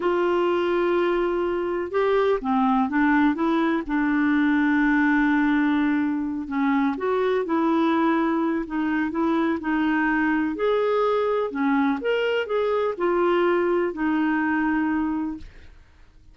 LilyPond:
\new Staff \with { instrumentName = "clarinet" } { \time 4/4 \tempo 4 = 125 f'1 | g'4 c'4 d'4 e'4 | d'1~ | d'4. cis'4 fis'4 e'8~ |
e'2 dis'4 e'4 | dis'2 gis'2 | cis'4 ais'4 gis'4 f'4~ | f'4 dis'2. | }